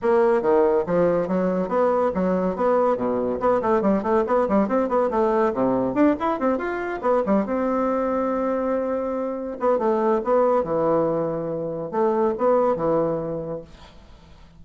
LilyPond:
\new Staff \with { instrumentName = "bassoon" } { \time 4/4 \tempo 4 = 141 ais4 dis4 f4 fis4 | b4 fis4 b4 b,4 | b8 a8 g8 a8 b8 g8 c'8 b8 | a4 c4 d'8 e'8 c'8 f'8~ |
f'8 b8 g8 c'2~ c'8~ | c'2~ c'8 b8 a4 | b4 e2. | a4 b4 e2 | }